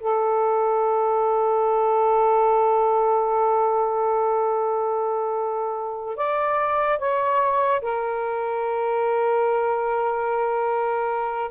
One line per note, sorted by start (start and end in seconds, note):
0.00 6.16 A4
6.17 6.99 D5
6.99 7.81 C#5
7.82 11.51 A#4